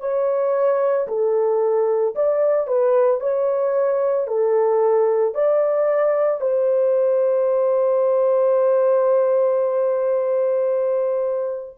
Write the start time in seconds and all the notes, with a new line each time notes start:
0.00 C#5
1.08 A4
2.15 D5
2.67 B4
3.20 C#5
4.27 A4
5.35 D5
6.41 C5